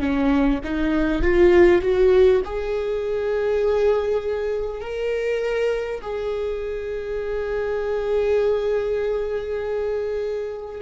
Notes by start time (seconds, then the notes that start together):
0.00 C#4
0.64 D#4
1.23 F4
1.82 F#4
2.45 G#4
4.81 A#4
6.02 G#4